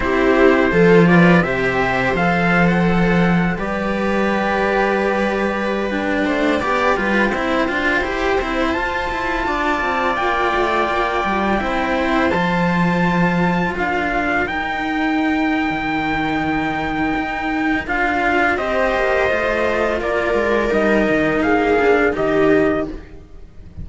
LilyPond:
<<
  \new Staff \with { instrumentName = "trumpet" } { \time 4/4 \tempo 4 = 84 c''4. d''8 e''4 f''8. fis''16~ | fis''4 d''2.~ | d''16 g''2.~ g''8.~ | g''16 a''2 g''4.~ g''16~ |
g''4~ g''16 a''2 f''8.~ | f''16 g''2.~ g''8.~ | g''4 f''4 dis''2 | d''4 dis''4 f''4 dis''4 | }
  \new Staff \with { instrumentName = "viola" } { \time 4/4 g'4 a'8 b'8 c''2~ | c''4 b'2.~ | b'8. c''8 d''8 b'8 c''4.~ c''16~ | c''4~ c''16 d''2~ d''8.~ |
d''16 c''2. ais'8.~ | ais'1~ | ais'2 c''2 | ais'2 gis'4 g'4 | }
  \new Staff \with { instrumentName = "cello" } { \time 4/4 e'4 f'4 g'4 a'4~ | a'4 g'2.~ | g'16 d'4 g'8 f'8 e'8 f'8 g'8 e'16~ | e'16 f'2.~ f'8.~ |
f'16 e'4 f'2~ f'8.~ | f'16 dis'2.~ dis'8.~ | dis'4 f'4 g'4 f'4~ | f'4 dis'4. d'8 dis'4 | }
  \new Staff \with { instrumentName = "cello" } { \time 4/4 c'4 f4 c4 f4~ | f4 g2.~ | g8. a8 b8 g8 c'8 d'8 e'8 c'16~ | c'16 f'8 e'8 d'8 c'8 ais8 a8 ais8 g16~ |
g16 c'4 f2 d'8.~ | d'16 dis'4.~ dis'16 dis2 | dis'4 d'4 c'8 ais8 a4 | ais8 gis8 g8 dis8 ais4 dis4 | }
>>